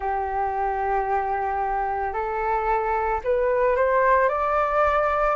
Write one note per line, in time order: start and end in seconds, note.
0.00 2.13 G4
2.13 3.20 A4
3.23 3.75 B4
3.75 4.29 C5
4.29 5.35 D5